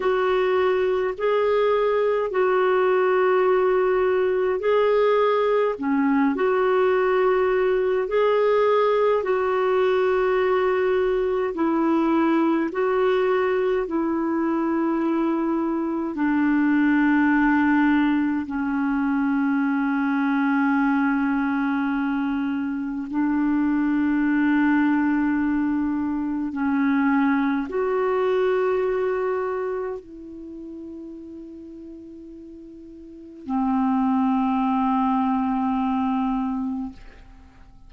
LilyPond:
\new Staff \with { instrumentName = "clarinet" } { \time 4/4 \tempo 4 = 52 fis'4 gis'4 fis'2 | gis'4 cis'8 fis'4. gis'4 | fis'2 e'4 fis'4 | e'2 d'2 |
cis'1 | d'2. cis'4 | fis'2 e'2~ | e'4 c'2. | }